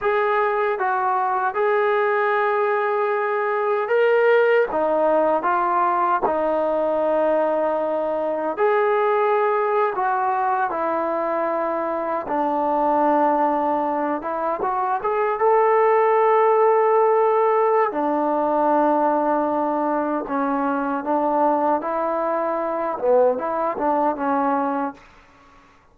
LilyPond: \new Staff \with { instrumentName = "trombone" } { \time 4/4 \tempo 4 = 77 gis'4 fis'4 gis'2~ | gis'4 ais'4 dis'4 f'4 | dis'2. gis'4~ | gis'8. fis'4 e'2 d'16~ |
d'2~ d'16 e'8 fis'8 gis'8 a'16~ | a'2. d'4~ | d'2 cis'4 d'4 | e'4. b8 e'8 d'8 cis'4 | }